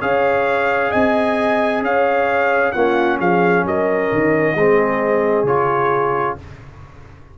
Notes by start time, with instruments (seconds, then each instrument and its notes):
0.00 tuba C#4, trombone G#4, horn C#5, trumpet F5
0.90 tuba C4, horn D#5, trumpet G#5
1.82 tuba C#4, horn C#5, trumpet F5
2.72 tuba A#3, trombone C#4, horn F4, trumpet F#5
3.20 tuba F3, horn G#4, trumpet F5
3.65 tuba F#3, horn A#4, trumpet D#5
4.12 tuba D#3
4.55 tuba G#3, trombone C4, horn G#4
5.43 tuba C#3, trombone F4, trumpet C#5